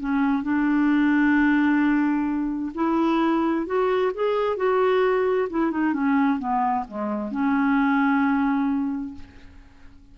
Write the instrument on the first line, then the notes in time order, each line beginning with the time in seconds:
clarinet
0.00 C#4
0.43 D4
2.75 E4
3.66 F#4
4.14 G#4
4.57 F#4
5.50 E4
5.71 D#4
5.93 C#4
6.39 B3
6.88 G#3
7.31 C#4